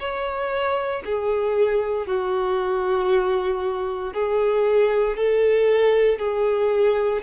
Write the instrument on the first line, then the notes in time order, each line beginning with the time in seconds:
violin
0.00 C#5
1.06 G#4
2.07 F#4
4.14 G#4
5.17 A4
6.19 G#4